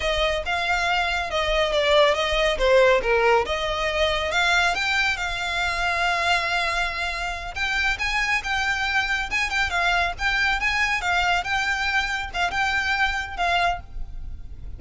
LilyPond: \new Staff \with { instrumentName = "violin" } { \time 4/4 \tempo 4 = 139 dis''4 f''2 dis''4 | d''4 dis''4 c''4 ais'4 | dis''2 f''4 g''4 | f''1~ |
f''4. g''4 gis''4 g''8~ | g''4. gis''8 g''8 f''4 g''8~ | g''8 gis''4 f''4 g''4.~ | g''8 f''8 g''2 f''4 | }